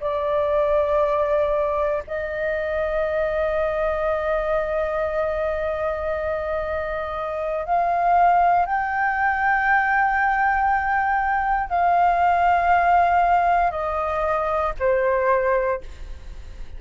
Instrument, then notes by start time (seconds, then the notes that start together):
flute
0.00 D5
2.07 D#5
7.65 F5
8.66 G5
11.69 F5
13.71 D#5
14.79 C5